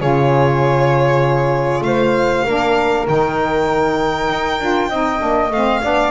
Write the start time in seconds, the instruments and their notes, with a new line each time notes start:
0.00 double bass C#3, saxophone F4, flute G#4, violin C#5
1.81 double bass A3, flute C5, violin F5
2.46 double bass A#3, saxophone D4, flute A#4
3.06 double bass D#3, saxophone D#4, violin G5
4.30 double bass D#4
4.60 double bass D4, saxophone F4
4.89 double bass C4, saxophone D#4, flute D#5
5.19 double bass A#3, saxophone D4
5.50 double bass A3, saxophone C4, violin F5
5.83 double bass B3, saxophone D4, flute D5